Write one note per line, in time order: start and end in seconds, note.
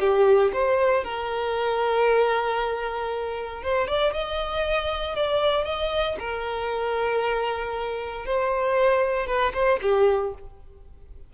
0.00 0.52 G4
0.53 1.04 C5
1.04 3.63 A#4
3.63 3.88 C5
3.88 4.14 D5
4.14 5.16 D#5
5.16 5.65 D5
5.65 6.16 D#5
6.20 8.26 A#4
8.26 9.27 C5
9.27 9.53 B4
9.54 9.80 C5
9.82 10.34 G4